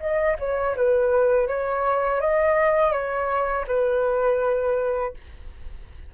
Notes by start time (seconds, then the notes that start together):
0.00 D#5
0.39 C#5
0.76 B4
1.48 C#5
2.21 D#5
2.92 C#5
3.68 B4